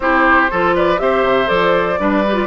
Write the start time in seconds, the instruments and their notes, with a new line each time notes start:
0.00 bassoon C4, clarinet E4, oboe G4, flute C5
0.50 bassoon F3, clarinet F4, oboe A4
0.75 oboe B4, flute D5
0.97 bassoon C4, clarinet G4, oboe C5, flute E5
1.23 bassoon C3
1.46 bassoon F3, clarinet A4, flute D5
1.99 bassoon G3, clarinet D4, oboe B4
2.27 clarinet G4
2.34 clarinet F4